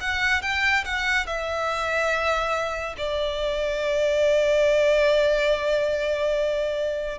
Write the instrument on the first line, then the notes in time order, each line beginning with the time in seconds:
violin
0.00 F#5
0.42 G5
0.85 F#5
1.26 E5
2.97 D5